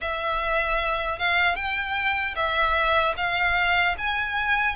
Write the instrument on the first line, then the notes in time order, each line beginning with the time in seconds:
violin
0.01 E5
1.18 F5
1.55 G5
2.35 E5
3.16 F5
3.98 G#5